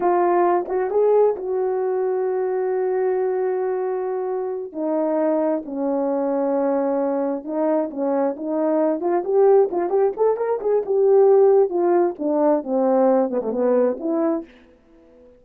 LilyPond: \new Staff \with { instrumentName = "horn" } { \time 4/4 \tempo 4 = 133 f'4. fis'8 gis'4 fis'4~ | fis'1~ | fis'2~ fis'8 dis'4.~ | dis'8 cis'2.~ cis'8~ |
cis'8 dis'4 cis'4 dis'4. | f'8 g'4 f'8 g'8 a'8 ais'8 gis'8 | g'2 f'4 d'4 | c'4. b16 a16 b4 e'4 | }